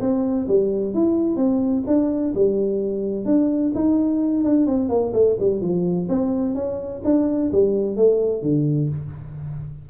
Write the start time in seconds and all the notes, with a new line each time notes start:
0.00 C4
0.48 G3
0.93 E4
1.36 C4
1.86 D4
2.34 G3
3.25 D4
3.74 D#4
4.43 D4
4.66 C4
4.88 A#3
5.13 A3
5.39 G3
5.61 F3
6.08 C4
6.55 C#4
7.04 D4
7.52 G3
7.96 A3
8.42 D3